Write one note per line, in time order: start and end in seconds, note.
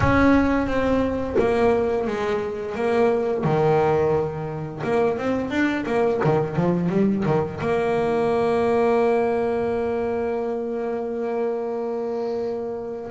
0.00 0.66 C#4
0.66 1.35 C4
1.38 2.07 A#3
2.07 2.75 G#3
2.75 3.44 A#3
3.44 4.82 D#3
4.83 5.18 A#3
5.18 5.50 C4
5.50 5.84 D4
5.86 6.20 A#3
6.24 6.56 D#3
6.56 6.89 F3
6.89 7.24 G3
7.25 7.60 D#3
7.60 13.10 A#3